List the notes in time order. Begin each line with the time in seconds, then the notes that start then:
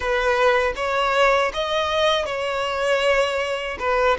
0.00 B4
0.76 C#5
1.53 D#5
2.25 C#5
3.79 B4